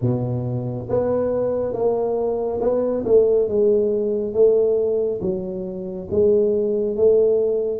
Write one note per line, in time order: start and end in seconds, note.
0.01 0.88 B2
0.89 1.72 B3
1.72 2.59 A#3
2.60 3.04 B3
3.05 3.48 A3
3.48 4.33 G#3
4.33 5.20 A3
5.21 6.08 F#3
6.11 6.96 G#3
6.96 7.80 A3